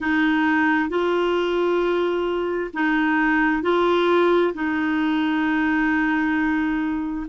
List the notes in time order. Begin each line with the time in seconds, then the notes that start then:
0.00 D#4
0.88 F4
2.73 D#4
3.62 F4
4.54 D#4